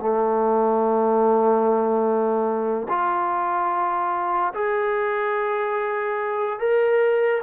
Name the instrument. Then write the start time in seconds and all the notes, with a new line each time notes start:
trombone
0.00 A3
2.89 F4
4.54 G#4
6.59 A#4